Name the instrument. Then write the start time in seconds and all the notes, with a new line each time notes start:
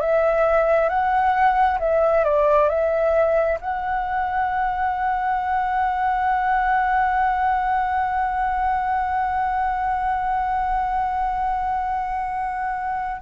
flute
0.00 E5
0.89 F#5
1.79 E5
2.24 D5
2.69 E5
3.60 F#5